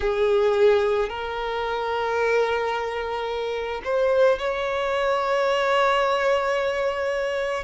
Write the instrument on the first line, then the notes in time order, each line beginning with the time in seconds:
violin
0.00 G#4
1.09 A#4
3.84 C5
4.38 C#5